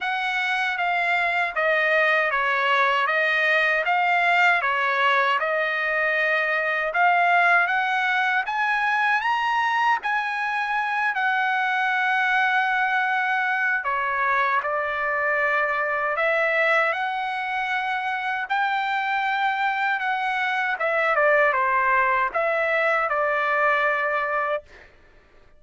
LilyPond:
\new Staff \with { instrumentName = "trumpet" } { \time 4/4 \tempo 4 = 78 fis''4 f''4 dis''4 cis''4 | dis''4 f''4 cis''4 dis''4~ | dis''4 f''4 fis''4 gis''4 | ais''4 gis''4. fis''4.~ |
fis''2 cis''4 d''4~ | d''4 e''4 fis''2 | g''2 fis''4 e''8 d''8 | c''4 e''4 d''2 | }